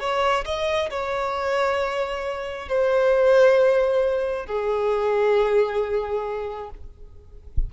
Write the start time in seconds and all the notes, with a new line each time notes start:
0.00 C#5
0.45 D#5
0.91 C#5
2.69 C5
4.46 G#4